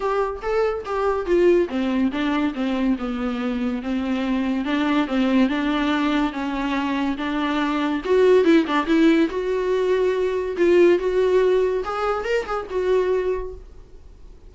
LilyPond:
\new Staff \with { instrumentName = "viola" } { \time 4/4 \tempo 4 = 142 g'4 a'4 g'4 f'4 | c'4 d'4 c'4 b4~ | b4 c'2 d'4 | c'4 d'2 cis'4~ |
cis'4 d'2 fis'4 | e'8 d'8 e'4 fis'2~ | fis'4 f'4 fis'2 | gis'4 ais'8 gis'8 fis'2 | }